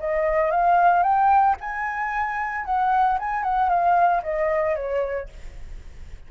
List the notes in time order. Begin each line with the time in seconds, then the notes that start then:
0.00 D#5
0.51 F5
1.03 G5
1.61 G#5
2.66 F#5
3.20 G#5
3.43 F#5
3.69 F5
4.23 D#5
4.76 C#5